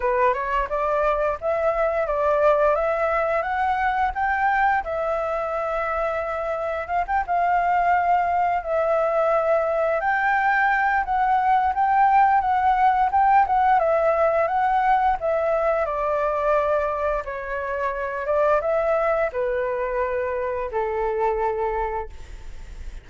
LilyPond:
\new Staff \with { instrumentName = "flute" } { \time 4/4 \tempo 4 = 87 b'8 cis''8 d''4 e''4 d''4 | e''4 fis''4 g''4 e''4~ | e''2 f''16 g''16 f''4.~ | f''8 e''2 g''4. |
fis''4 g''4 fis''4 g''8 fis''8 | e''4 fis''4 e''4 d''4~ | d''4 cis''4. d''8 e''4 | b'2 a'2 | }